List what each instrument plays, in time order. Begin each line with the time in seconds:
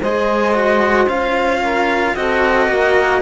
0.00 cello G#3 G#4, saxophone C5, violin D#5
0.54 cello F#4
1.07 cello C#4 F4, violin F5
1.61 saxophone A#4
2.15 cello C4 F#4, saxophone A4, violin D#5
2.68 cello A#3, saxophone A#4